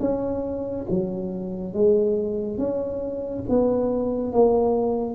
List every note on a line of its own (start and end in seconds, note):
0.00 0.86 C#4
0.90 1.73 F#3
1.73 2.58 G#3
2.58 3.43 C#4
3.49 4.32 B3
4.32 5.15 A#3